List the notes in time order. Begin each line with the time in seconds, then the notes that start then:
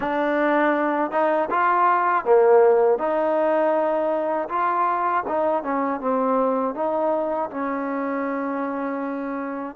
0.00 D4
1.11 D#4
1.50 F4
2.25 A#3
2.98 D#4
4.48 F4
5.27 D#4
5.63 C#4
6.00 C4
6.75 D#4
7.50 C#4